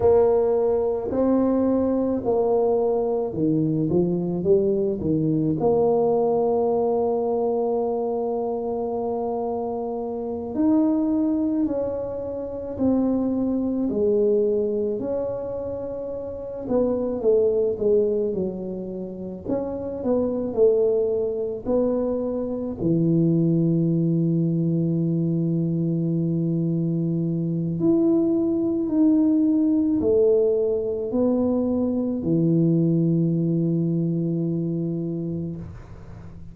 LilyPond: \new Staff \with { instrumentName = "tuba" } { \time 4/4 \tempo 4 = 54 ais4 c'4 ais4 dis8 f8 | g8 dis8 ais2.~ | ais4. dis'4 cis'4 c'8~ | c'8 gis4 cis'4. b8 a8 |
gis8 fis4 cis'8 b8 a4 b8~ | b8 e2.~ e8~ | e4 e'4 dis'4 a4 | b4 e2. | }